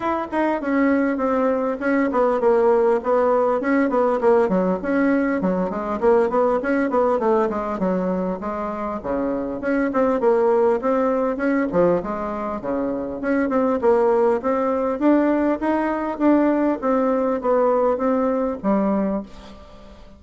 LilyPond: \new Staff \with { instrumentName = "bassoon" } { \time 4/4 \tempo 4 = 100 e'8 dis'8 cis'4 c'4 cis'8 b8 | ais4 b4 cis'8 b8 ais8 fis8 | cis'4 fis8 gis8 ais8 b8 cis'8 b8 | a8 gis8 fis4 gis4 cis4 |
cis'8 c'8 ais4 c'4 cis'8 f8 | gis4 cis4 cis'8 c'8 ais4 | c'4 d'4 dis'4 d'4 | c'4 b4 c'4 g4 | }